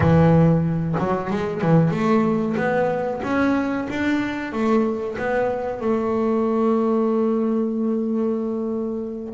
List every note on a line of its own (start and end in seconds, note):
0.00 0.95 E3
0.98 1.30 F#3
1.30 1.61 G#3
1.61 1.91 E3
1.91 2.55 A3
2.56 3.21 B3
3.23 3.87 C#4
3.89 4.52 D4
4.52 5.16 A3
5.18 5.80 B3
5.80 9.34 A3